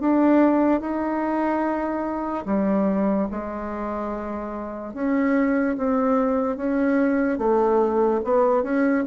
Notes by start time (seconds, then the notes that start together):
0.00 D4
0.80 D#4
2.45 G3
3.31 G#3
4.94 C#4
5.78 C4
6.56 C#4
7.38 A3
8.24 B3
8.63 C#4